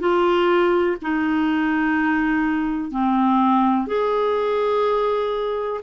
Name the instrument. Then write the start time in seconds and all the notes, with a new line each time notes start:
clarinet
0.00 F4
1.02 D#4
2.91 C4
3.87 G#4